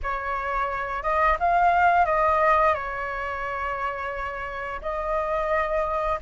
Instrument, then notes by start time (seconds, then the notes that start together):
flute
0.03 C#5
1.03 D#5
1.39 F5
2.05 D#5
2.73 C#5
4.81 D#5